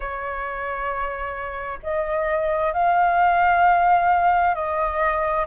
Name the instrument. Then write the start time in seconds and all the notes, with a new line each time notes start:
flute
0.00 C#5
1.82 D#5
2.73 F5
4.55 D#5